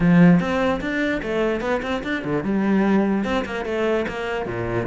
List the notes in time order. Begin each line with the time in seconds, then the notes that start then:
0.00 F3
0.40 C4
0.80 D4
1.22 A3
1.61 B3
1.82 C4
2.03 D4
2.24 D3
2.43 G3
3.24 C4
3.45 A#3
3.65 A3
4.07 A#3
4.46 A#2